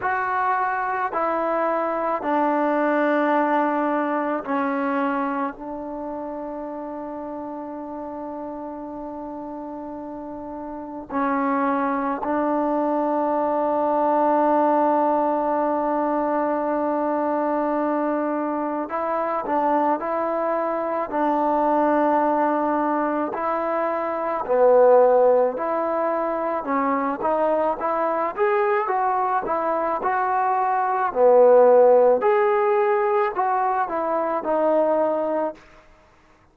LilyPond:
\new Staff \with { instrumentName = "trombone" } { \time 4/4 \tempo 4 = 54 fis'4 e'4 d'2 | cis'4 d'2.~ | d'2 cis'4 d'4~ | d'1~ |
d'4 e'8 d'8 e'4 d'4~ | d'4 e'4 b4 e'4 | cis'8 dis'8 e'8 gis'8 fis'8 e'8 fis'4 | b4 gis'4 fis'8 e'8 dis'4 | }